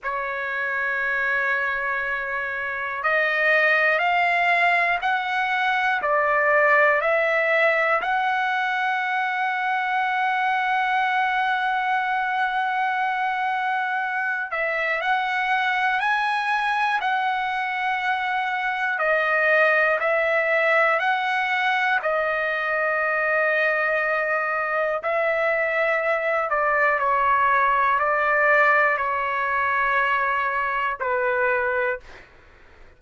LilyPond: \new Staff \with { instrumentName = "trumpet" } { \time 4/4 \tempo 4 = 60 cis''2. dis''4 | f''4 fis''4 d''4 e''4 | fis''1~ | fis''2~ fis''8 e''8 fis''4 |
gis''4 fis''2 dis''4 | e''4 fis''4 dis''2~ | dis''4 e''4. d''8 cis''4 | d''4 cis''2 b'4 | }